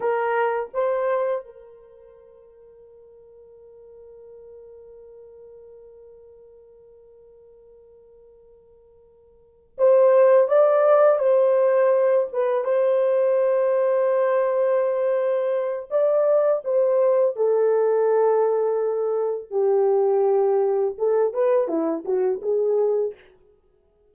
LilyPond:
\new Staff \with { instrumentName = "horn" } { \time 4/4 \tempo 4 = 83 ais'4 c''4 ais'2~ | ais'1~ | ais'1~ | ais'4. c''4 d''4 c''8~ |
c''4 b'8 c''2~ c''8~ | c''2 d''4 c''4 | a'2. g'4~ | g'4 a'8 b'8 e'8 fis'8 gis'4 | }